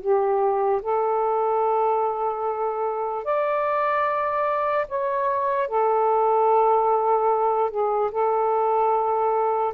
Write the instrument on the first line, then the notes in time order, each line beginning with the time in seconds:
saxophone
0.00 G4
0.82 A4
3.24 D5
4.88 C#5
5.68 A4
7.70 G#4
8.11 A4